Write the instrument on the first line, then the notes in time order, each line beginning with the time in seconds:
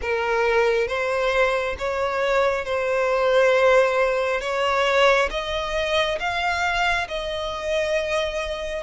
violin
0.01 A#4
0.87 C5
1.78 C#5
2.65 C5
4.40 C#5
5.30 D#5
6.19 F5
7.07 D#5